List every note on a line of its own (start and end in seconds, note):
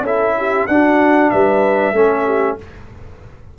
0.00 0.64 C#4
0.00 0.69 E4
0.00 0.34 A4
0.00 0.66 E5
0.37 0.69 G4
0.66 1.32 D4
0.66 1.94 D4
0.66 1.31 F#4
0.66 1.30 F#5
1.30 1.92 G3
1.30 1.95 B4
1.30 2.57 E5
1.92 2.56 A3
1.92 2.58 C#4
1.92 2.25 A4
2.25 2.57 G4